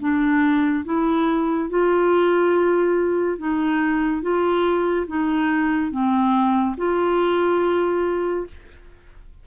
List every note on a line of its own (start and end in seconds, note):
0.00 0.85 D4
0.85 1.70 E4
1.70 3.38 F4
3.38 4.23 D#4
4.23 5.07 F4
5.07 5.92 D#4
5.92 6.76 C4
6.78 8.47 F4